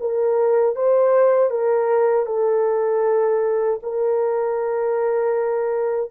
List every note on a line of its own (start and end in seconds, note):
0.00 0.76 A#4
0.76 1.50 C5
1.50 2.26 A#4
2.26 3.80 A4
3.83 6.11 A#4